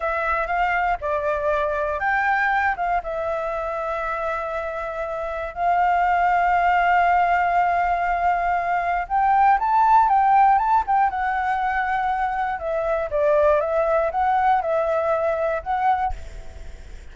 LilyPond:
\new Staff \with { instrumentName = "flute" } { \time 4/4 \tempo 4 = 119 e''4 f''4 d''2 | g''4. f''8 e''2~ | e''2. f''4~ | f''1~ |
f''2 g''4 a''4 | g''4 a''8 g''8 fis''2~ | fis''4 e''4 d''4 e''4 | fis''4 e''2 fis''4 | }